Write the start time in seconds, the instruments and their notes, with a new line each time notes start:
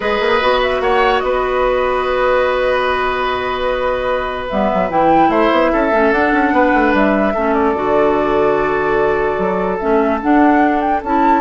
0.00 bassoon G#3, clarinet G#4, oboe B4, flute D#5
0.19 bassoon A#3
0.41 bassoon B3, clarinet F#4
0.62 flute E5
0.80 bassoon A#3, oboe C#5, flute F#5
1.19 bassoon B3, oboe B4, flute D#5
4.49 bassoon G3, clarinet B3, flute E5
4.73 bassoon F#3
4.89 bassoon E3, clarinet E4, flute G5
5.28 bassoon A3, oboe C5, flute E5
5.51 bassoon B3
5.72 bassoon C#4, oboe A4
5.91 bassoon A3, clarinet C#4
6.11 bassoon D4, clarinet D4, flute F#5
6.32 bassoon C#4
6.51 bassoon B3, oboe B4
6.73 bassoon A3
6.93 bassoon G3, flute E5
7.34 bassoon A3, clarinet C#4, oboe A4
7.53 flute D5
7.74 bassoon D3, clarinet F#4
9.38 bassoon F#3
9.79 bassoon A3, clarinet C#4, flute E5
10.21 clarinet D4, bassoon D4, flute F#5
10.80 flute G5
11.02 bassoon C#4, clarinet E4, flute A5